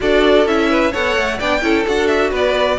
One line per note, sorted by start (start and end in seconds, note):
0.00 0.45 D4
0.00 0.46 F#4
0.00 0.69 A4
0.00 0.47 D5
0.45 0.92 C#4
0.45 0.92 E4
0.45 0.93 E5
0.69 0.91 B4
0.91 1.16 B3
0.91 1.39 A4
0.91 1.37 C#5
0.91 1.39 F#5
1.16 1.40 A3
1.37 1.62 B3
1.37 1.61 D4
1.37 1.61 D5
1.37 1.86 G5
1.61 1.85 C#4
1.61 1.84 E4
1.61 2.30 A4
1.87 2.31 D4
1.87 2.78 F#4
1.87 2.07 F#5
2.07 2.30 E5
2.30 2.78 B3
2.30 2.77 B4
2.30 2.78 D5